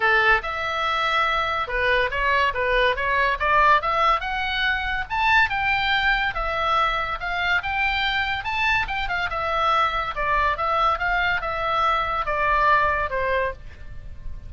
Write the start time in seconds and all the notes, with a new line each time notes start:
0.00 A4
0.42 E5
1.67 B4
2.10 C#5
2.54 B4
2.95 C#5
3.39 D5
3.81 E5
4.20 F#5
5.09 A5
5.49 G5
6.34 E5
7.19 F5
7.62 G5
8.44 A5
8.87 G5
9.08 F5
9.30 E5
10.15 D5
10.57 E5
10.99 F5
11.41 E5
12.25 D5
13.10 C5